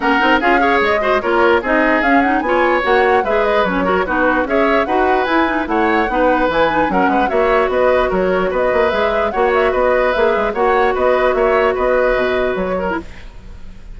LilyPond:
<<
  \new Staff \with { instrumentName = "flute" } { \time 4/4 \tempo 4 = 148 fis''4 f''4 dis''4 cis''4 | dis''4 f''8 fis''8 gis''4 fis''4 | e''8 dis''8 cis''4 b'4 e''4 | fis''4 gis''4 fis''2 |
gis''4 fis''4 e''4 dis''4 | cis''4 dis''4 e''4 fis''8 e''8 | dis''4 e''4 fis''4 dis''4 | e''4 dis''2 cis''4 | }
  \new Staff \with { instrumentName = "oboe" } { \time 4/4 ais'4 gis'8 cis''4 c''8 ais'4 | gis'2 cis''2 | b'4. ais'8 fis'4 cis''4 | b'2 cis''4 b'4~ |
b'4 ais'8 b'8 cis''4 b'4 | ais'4 b'2 cis''4 | b'2 cis''4 b'4 | cis''4 b'2~ b'8 ais'8 | }
  \new Staff \with { instrumentName = "clarinet" } { \time 4/4 cis'8 dis'8 f'8 gis'4 fis'8 f'4 | dis'4 cis'8 dis'8 f'4 fis'4 | gis'4 cis'8 fis'8 dis'4 gis'4 | fis'4 e'8 dis'8 e'4 dis'4 |
e'8 dis'8 cis'4 fis'2~ | fis'2 gis'4 fis'4~ | fis'4 gis'4 fis'2~ | fis'2.~ fis'8. e'16 | }
  \new Staff \with { instrumentName = "bassoon" } { \time 4/4 ais8 c'8 cis'4 gis4 ais4 | c'4 cis'4 b4 ais4 | gis4 fis4 b4 cis'4 | dis'4 e'4 a4 b4 |
e4 fis8 gis8 ais4 b4 | fis4 b8 ais8 gis4 ais4 | b4 ais8 gis8 ais4 b4 | ais4 b4 b,4 fis4 | }
>>